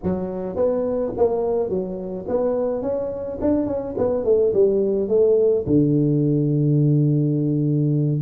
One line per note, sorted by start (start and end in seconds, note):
0.03 0.56 F#3
0.56 1.12 B3
1.17 1.69 A#3
1.69 2.25 F#3
2.28 2.81 B3
2.81 3.38 C#4
3.41 3.66 D4
3.66 3.94 C#4
3.97 4.24 B3
4.24 4.53 A3
4.53 5.08 G3
5.08 5.64 A3
5.66 8.21 D3